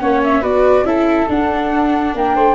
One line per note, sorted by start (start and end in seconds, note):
0.00 0.43 A#3
0.00 0.42 C#4
0.00 0.41 C#5
0.00 0.22 F#5
0.23 0.43 E5
0.41 0.83 B3
0.41 0.85 F#4
0.41 0.84 B4
0.41 0.85 D5
0.83 1.26 C#4
0.83 1.27 E4
0.83 2.15 A4
0.83 1.28 E5
1.29 2.14 D4
1.29 2.55 D4
1.29 2.15 F#5
2.14 2.36 A#3
2.14 2.35 A#4
2.14 2.55 G5
2.35 2.55 A3
2.35 2.55 C5